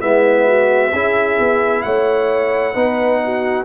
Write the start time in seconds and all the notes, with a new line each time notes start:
0.00 G#3 B3 E4 E5
0.46 F#4
0.91 C#4 E4 G#4
1.38 B3
1.82 A3 C#5 F#5
2.73 B3 D#4 B4
3.23 F#4